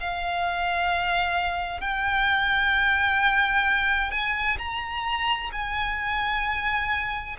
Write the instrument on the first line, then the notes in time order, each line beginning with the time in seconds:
violin
0.00 F5
1.80 G5
4.11 G#5
4.59 A#5
5.52 G#5